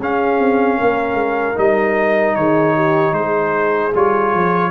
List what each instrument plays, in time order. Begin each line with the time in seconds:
0.00 tuba C#4, trombone C#4, horn G#4, trumpet F5
0.39 tuba C4
0.77 tuba A#3, horn A#4
1.14 tuba G#3
1.55 tuba G3, trombone D#4, trumpet D#5
2.36 tuba D#3, horn G#4, trumpet C#5
2.75 horn G4
3.13 tuba G#3, horn G#4, trumpet C5
3.95 tuba G3, trombone F4, trumpet C#5
4.34 tuba F3